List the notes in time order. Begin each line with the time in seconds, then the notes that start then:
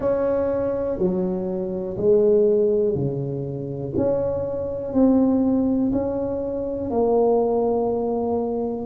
0.00 C#4
0.98 F#3
1.97 G#3
2.94 C#3
3.96 C#4
4.93 C4
5.92 C#4
6.90 A#3